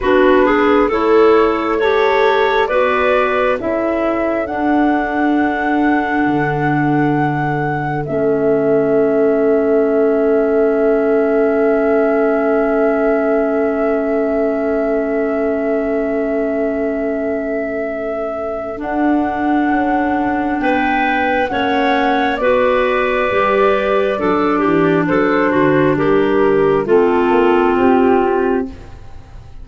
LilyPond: <<
  \new Staff \with { instrumentName = "flute" } { \time 4/4 \tempo 4 = 67 b'4 cis''4 a'4 d''4 | e''4 fis''2.~ | fis''4 e''2.~ | e''1~ |
e''1~ | e''4 fis''2 g''4 | fis''4 d''2. | c''4 ais'4 a'4 g'4 | }
  \new Staff \with { instrumentName = "clarinet" } { \time 4/4 fis'8 gis'8 a'4 cis''4 b'4 | a'1~ | a'1~ | a'1~ |
a'1~ | a'2. b'4 | cis''4 b'2 a'8 g'8 | a'8 fis'8 g'4 f'2 | }
  \new Staff \with { instrumentName = "clarinet" } { \time 4/4 d'4 e'4 g'4 fis'4 | e'4 d'2.~ | d'4 cis'2.~ | cis'1~ |
cis'1~ | cis'4 d'2. | cis'4 fis'4 g'4 d'4~ | d'2 c'2 | }
  \new Staff \with { instrumentName = "tuba" } { \time 4/4 b4 a2 b4 | cis'4 d'2 d4~ | d4 a2.~ | a1~ |
a1~ | a4 d'4 cis'4 b4 | ais4 b4 g4 fis8 e8 | fis8 d8 g4 a8 ais8 c'4 | }
>>